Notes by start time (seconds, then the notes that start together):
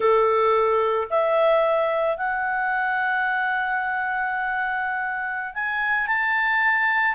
0.00 A4
1.10 E5
2.17 F#5
5.54 G#5
6.07 A5